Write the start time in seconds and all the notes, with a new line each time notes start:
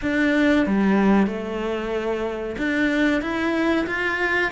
0.01 D4
0.66 G3
1.26 A3
2.58 D4
3.21 E4
3.87 F4